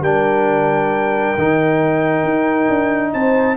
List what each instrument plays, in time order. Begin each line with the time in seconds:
0.00 tuba G3, trombone D4, horn A#4, trumpet G5
1.37 tuba D#3, trombone D#4
2.23 tuba D#4
2.69 tuba D4
3.13 tuba C4, horn C5, trumpet A5